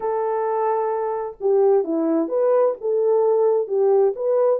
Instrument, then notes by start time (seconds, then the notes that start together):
horn
0.00 A4
1.40 G4
1.83 E4
2.28 B4
2.80 A4
3.67 G4
4.15 B4